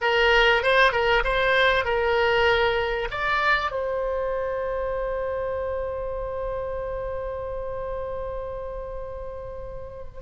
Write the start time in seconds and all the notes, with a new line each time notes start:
0.01 A#4
0.62 C5
0.92 A#4
1.23 C5
1.84 A#4
3.11 D5
3.71 C5